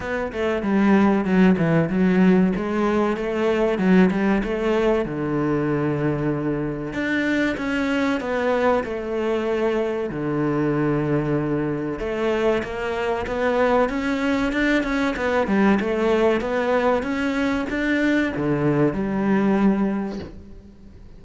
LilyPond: \new Staff \with { instrumentName = "cello" } { \time 4/4 \tempo 4 = 95 b8 a8 g4 fis8 e8 fis4 | gis4 a4 fis8 g8 a4 | d2. d'4 | cis'4 b4 a2 |
d2. a4 | ais4 b4 cis'4 d'8 cis'8 | b8 g8 a4 b4 cis'4 | d'4 d4 g2 | }